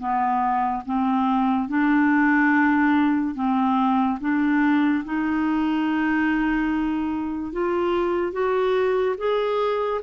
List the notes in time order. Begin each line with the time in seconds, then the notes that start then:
0.00 B3
0.86 C4
1.69 D4
3.36 C4
4.21 D4
5.05 D#4
7.53 F4
8.33 F#4
9.18 G#4